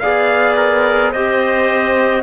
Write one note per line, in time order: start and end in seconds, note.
0.00 1.15 B3
0.00 1.14 G#4
0.00 1.12 D5
0.00 0.56 F5
0.57 1.12 A#4
1.12 2.23 C4
1.12 2.23 G4
1.12 2.23 C5
1.12 2.23 D#5